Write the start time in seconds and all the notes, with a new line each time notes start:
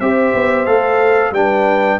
0.00 C4 G4 C5 E5
0.34 B3
0.65 A3 A4 F5
1.31 G3 D4 B4 G5